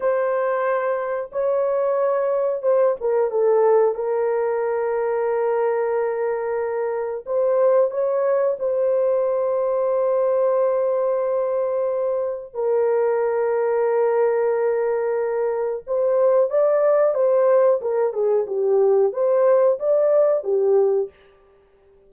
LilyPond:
\new Staff \with { instrumentName = "horn" } { \time 4/4 \tempo 4 = 91 c''2 cis''2 | c''8 ais'8 a'4 ais'2~ | ais'2. c''4 | cis''4 c''2.~ |
c''2. ais'4~ | ais'1 | c''4 d''4 c''4 ais'8 gis'8 | g'4 c''4 d''4 g'4 | }